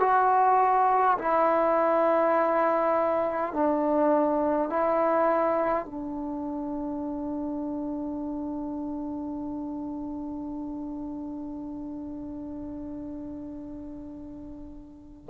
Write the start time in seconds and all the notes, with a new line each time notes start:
0.00 F#4
1.18 E4
3.53 D4
4.70 E4
5.85 D4